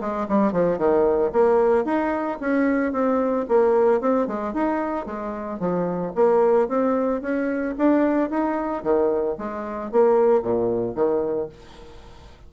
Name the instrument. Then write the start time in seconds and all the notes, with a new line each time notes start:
bassoon
0.00 G#3
0.28 G3
0.52 F3
0.77 D#3
1.32 A#3
1.85 D#4
2.40 C#4
2.92 C4
3.48 A#3
4.01 C4
4.27 G#3
4.53 D#4
5.06 G#3
5.59 F3
6.15 A#3
6.68 C4
7.21 C#4
7.78 D4
8.29 D#4
8.83 D#3
9.37 G#3
9.91 A#3
10.42 A#2
10.95 D#3